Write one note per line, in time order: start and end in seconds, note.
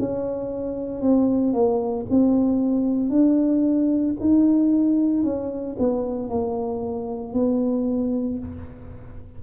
0.00 1.01 C#4
1.01 1.54 C4
1.54 2.06 A#3
2.11 3.10 C4
3.10 4.15 D4
4.21 5.24 D#4
5.24 5.77 C#4
5.79 6.30 B3
6.30 7.33 A#3
7.33 8.39 B3